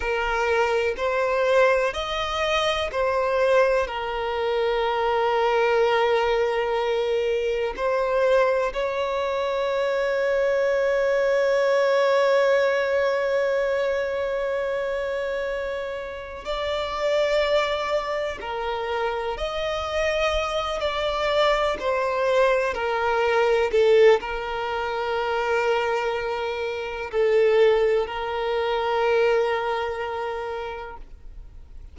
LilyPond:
\new Staff \with { instrumentName = "violin" } { \time 4/4 \tempo 4 = 62 ais'4 c''4 dis''4 c''4 | ais'1 | c''4 cis''2.~ | cis''1~ |
cis''4 d''2 ais'4 | dis''4. d''4 c''4 ais'8~ | ais'8 a'8 ais'2. | a'4 ais'2. | }